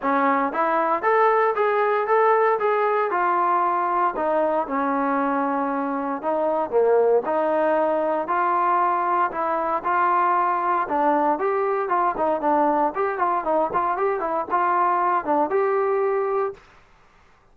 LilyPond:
\new Staff \with { instrumentName = "trombone" } { \time 4/4 \tempo 4 = 116 cis'4 e'4 a'4 gis'4 | a'4 gis'4 f'2 | dis'4 cis'2. | dis'4 ais4 dis'2 |
f'2 e'4 f'4~ | f'4 d'4 g'4 f'8 dis'8 | d'4 g'8 f'8 dis'8 f'8 g'8 e'8 | f'4. d'8 g'2 | }